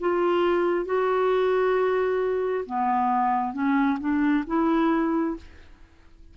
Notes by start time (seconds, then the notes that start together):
0.00 F4
0.85 F#4
2.65 B3
3.53 C#4
3.99 D4
4.47 E4